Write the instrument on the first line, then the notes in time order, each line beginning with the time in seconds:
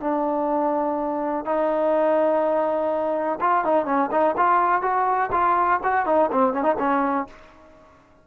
trombone
0.00 D4
1.45 D#4
3.40 F4
3.64 D#4
3.85 C#4
4.11 D#4
4.37 F4
4.81 F#4
5.32 F4
5.83 F#4
6.06 D#4
6.31 C4
6.53 C#4
6.63 D#4
6.79 C#4